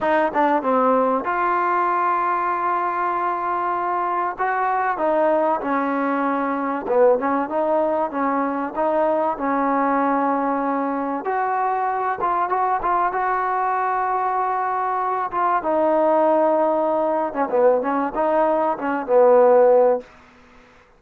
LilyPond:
\new Staff \with { instrumentName = "trombone" } { \time 4/4 \tempo 4 = 96 dis'8 d'8 c'4 f'2~ | f'2. fis'4 | dis'4 cis'2 b8 cis'8 | dis'4 cis'4 dis'4 cis'4~ |
cis'2 fis'4. f'8 | fis'8 f'8 fis'2.~ | fis'8 f'8 dis'2~ dis'8. cis'16 | b8 cis'8 dis'4 cis'8 b4. | }